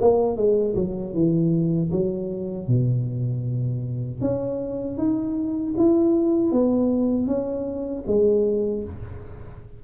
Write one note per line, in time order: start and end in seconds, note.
0.00 0.36 A#3
0.36 0.74 G#3
0.75 1.13 F#3
1.13 1.90 E3
1.91 2.67 F#3
2.67 4.21 B2
4.21 4.97 C#4
4.97 5.74 D#4
5.77 6.51 E4
6.51 7.27 B3
7.27 8.03 C#4
8.06 8.83 G#3